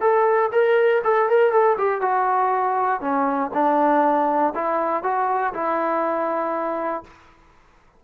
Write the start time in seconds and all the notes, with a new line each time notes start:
0.00 A4
0.52 A#4
1.04 A4
1.29 A#4
1.52 A4
1.77 G4
2.01 F#4
3.00 C#4
3.53 D4
4.55 E4
5.03 F#4
5.53 E4